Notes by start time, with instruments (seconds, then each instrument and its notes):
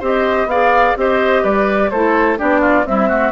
0.00 bassoon C4, clarinet G4, oboe C5, flute D#5
0.46 bassoon B3, clarinet G#4, oboe D5, flute F5
0.97 bassoon C4, clarinet G4, oboe C5, flute D#5
1.43 bassoon G3, oboe B4, flute D5
1.90 bassoon A3, clarinet E4, oboe A4, flute C5
2.37 bassoon B3, clarinet D4, oboe G4, flute D5
2.61 oboe F4
2.85 clarinet G3, bassoon C4, oboe E4, flute E5
3.08 clarinet A3, oboe F#4